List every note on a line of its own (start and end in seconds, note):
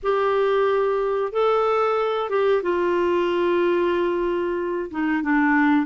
0.02 1.32 G4
1.32 2.29 A4
2.29 2.62 G4
2.62 4.90 F4
4.91 5.22 D#4
5.22 5.85 D4